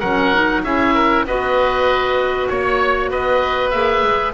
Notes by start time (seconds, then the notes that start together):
0.00 F#3 C#4 A#4 F#5
0.34 D#4
0.64 C#4 E4 G#4 E5
0.94 A#4
1.25 B3 F#4 B4 D#5
2.49 A#3 C#5
3.10 B3 B4 D#5
3.70 A#3 G#4 E5
4.03 G#3